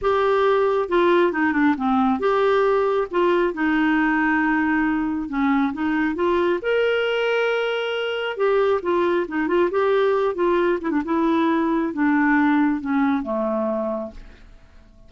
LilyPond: \new Staff \with { instrumentName = "clarinet" } { \time 4/4 \tempo 4 = 136 g'2 f'4 dis'8 d'8 | c'4 g'2 f'4 | dis'1 | cis'4 dis'4 f'4 ais'4~ |
ais'2. g'4 | f'4 dis'8 f'8 g'4. f'8~ | f'8 e'16 d'16 e'2 d'4~ | d'4 cis'4 a2 | }